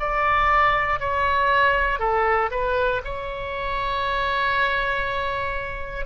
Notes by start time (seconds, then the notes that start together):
0.00 D5
1.00 C#5
2.00 A4
2.51 B4
3.05 C#5